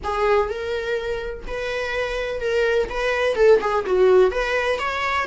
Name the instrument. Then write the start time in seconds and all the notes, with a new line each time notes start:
viola
0.03 G#4
0.49 A#4
1.47 B4
2.40 A#4
2.89 B4
3.35 A4
3.60 G#4
3.86 F#4
4.31 B4
4.78 C#5